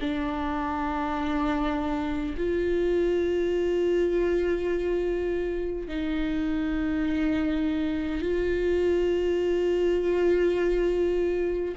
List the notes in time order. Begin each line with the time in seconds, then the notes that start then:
0.00 D4
2.37 F4
5.88 D#4
8.21 F4